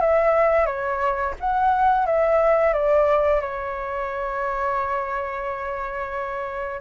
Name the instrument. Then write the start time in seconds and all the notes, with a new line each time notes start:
flute
0.00 E5
0.66 C#5
1.40 F#5
2.06 E5
2.73 D5
3.41 C#5